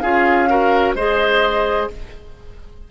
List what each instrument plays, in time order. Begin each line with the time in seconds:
0.00 bassoon C#4, clarinet F4, oboe G#4, flute F5
0.49 clarinet F#4, oboe A#4
0.95 bassoon G#3, clarinet G#4, oboe C5, flute D#5